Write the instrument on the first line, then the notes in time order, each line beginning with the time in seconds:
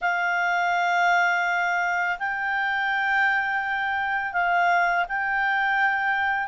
clarinet
0.01 F5
2.18 G5
4.32 F5
5.08 G5